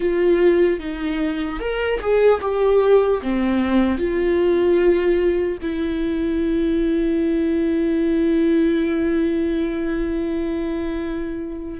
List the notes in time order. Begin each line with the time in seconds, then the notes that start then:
0.00 F4
0.79 D#4
1.59 A#4
2.00 G#4
2.41 G4
3.22 C4
3.97 F4
5.61 E4